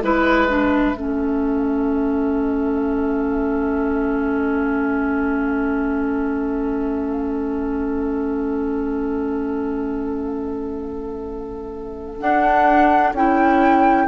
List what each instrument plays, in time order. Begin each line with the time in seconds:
0.00 bassoon G#3, clarinet E4, oboe B4, flute E5
0.48 clarinet D4
0.95 bassoon A3, clarinet C#4, oboe A4
12.20 bassoon D4, clarinet D4, flute F#5
13.12 bassoon C#4, clarinet E4, flute G5